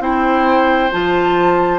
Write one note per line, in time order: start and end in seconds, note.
0.00 0.90 C4
0.00 0.90 E4
0.00 1.79 C5
0.00 0.91 G5
0.91 1.79 F3
0.91 1.79 F4
0.91 1.79 A5